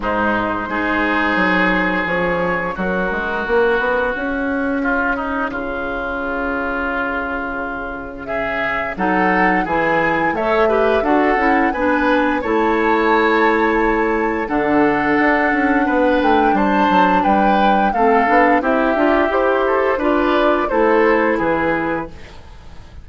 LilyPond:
<<
  \new Staff \with { instrumentName = "flute" } { \time 4/4 \tempo 4 = 87 c''2. cis''4 | ais'2 gis'2~ | gis'1 | e''4 fis''4 gis''4 e''4 |
fis''4 gis''4 a''2~ | a''4 fis''2~ fis''8 g''8 | a''4 g''4 f''4 e''4 | c''4 d''4 c''4 b'4 | }
  \new Staff \with { instrumentName = "oboe" } { \time 4/4 dis'4 gis'2. | fis'2. f'8 dis'8 | f'1 | gis'4 a'4 gis'4 cis''8 b'8 |
a'4 b'4 cis''2~ | cis''4 a'2 b'4 | c''4 b'4 a'4 g'4~ | g'8 a'8 b'4 a'4 gis'4 | }
  \new Staff \with { instrumentName = "clarinet" } { \time 4/4 gis4 dis'2 cis'4~ | cis'1~ | cis'1~ | cis'4 dis'4 e'4 a'8 g'8 |
fis'8 e'8 d'4 e'2~ | e'4 d'2.~ | d'2 c'8 d'8 e'8 f'8 | g'4 f'4 e'2 | }
  \new Staff \with { instrumentName = "bassoon" } { \time 4/4 gis,4 gis4 fis4 f4 | fis8 gis8 ais8 b8 cis'2 | cis1~ | cis4 fis4 e4 a4 |
d'8 cis'8 b4 a2~ | a4 d4 d'8 cis'8 b8 a8 | g8 fis8 g4 a8 b8 c'8 d'8 | e'4 d'4 a4 e4 | }
>>